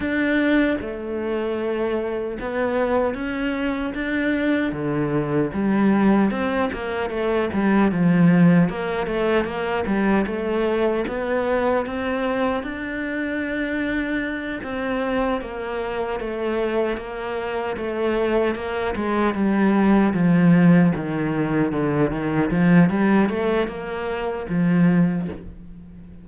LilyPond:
\new Staff \with { instrumentName = "cello" } { \time 4/4 \tempo 4 = 76 d'4 a2 b4 | cis'4 d'4 d4 g4 | c'8 ais8 a8 g8 f4 ais8 a8 | ais8 g8 a4 b4 c'4 |
d'2~ d'8 c'4 ais8~ | ais8 a4 ais4 a4 ais8 | gis8 g4 f4 dis4 d8 | dis8 f8 g8 a8 ais4 f4 | }